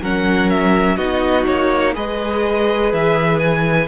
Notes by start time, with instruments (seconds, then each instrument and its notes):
0.00 cello F#3, viola C#4, violin A#4 F#5
0.49 violin E5
0.96 cello B3, viola D#4, violin F#4 D#5
1.46 cello A#3, violin C#5
1.93 cello G#3, viola G#4, violin B4 D#5
2.92 cello E3, violin E5
3.39 violin G#5